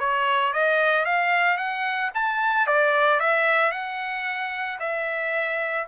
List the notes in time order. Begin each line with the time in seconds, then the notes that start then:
0.00 C#5
0.54 D#5
1.05 F5
1.58 F#5
2.15 A5
2.67 D5
3.20 E5
3.72 F#5
4.80 E5